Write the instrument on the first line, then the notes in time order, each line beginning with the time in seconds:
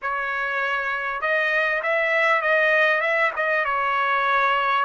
trumpet
0.02 C#5
1.21 D#5
1.83 E5
2.41 D#5
3.00 E5
3.36 D#5
3.64 C#5